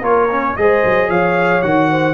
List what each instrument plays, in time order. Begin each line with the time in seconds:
0.00 tuba A#3, trombone F4, horn A#4, trumpet C#5
0.30 trombone C#4
0.56 tuba G#3, trombone G#4, horn C5, trumpet D#5
0.84 tuba F#3
1.08 tuba F3, horn C#5, trumpet F5
1.62 tuba D#3, trombone F#4, trumpet F#5
1.91 horn C5